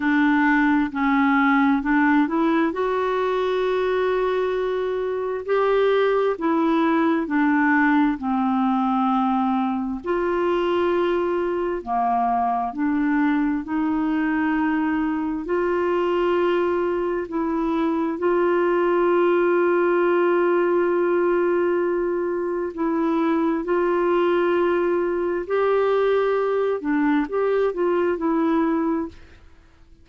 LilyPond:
\new Staff \with { instrumentName = "clarinet" } { \time 4/4 \tempo 4 = 66 d'4 cis'4 d'8 e'8 fis'4~ | fis'2 g'4 e'4 | d'4 c'2 f'4~ | f'4 ais4 d'4 dis'4~ |
dis'4 f'2 e'4 | f'1~ | f'4 e'4 f'2 | g'4. d'8 g'8 f'8 e'4 | }